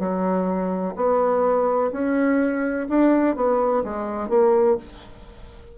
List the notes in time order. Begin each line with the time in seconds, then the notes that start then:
0.00 F#3
0.96 B3
1.93 C#4
2.90 D4
3.36 B3
3.84 G#3
4.30 A#3